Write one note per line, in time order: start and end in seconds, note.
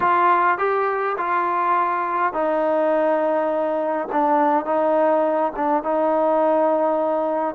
0.00 0.58 F4
0.58 1.16 G4
1.17 2.33 F4
2.33 4.08 D#4
4.11 4.65 D4
4.65 5.52 D#4
5.56 5.83 D4
5.83 7.55 D#4